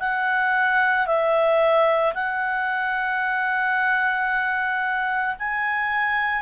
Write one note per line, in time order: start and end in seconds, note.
0.00 1.07 F#5
1.07 2.14 E5
2.15 5.36 F#5
5.40 6.43 G#5